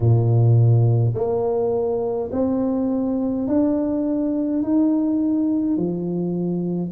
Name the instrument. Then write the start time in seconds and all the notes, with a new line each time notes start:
tuba
0.00 A#2
1.14 A#3
2.32 C4
3.47 D4
4.63 D#4
5.76 F3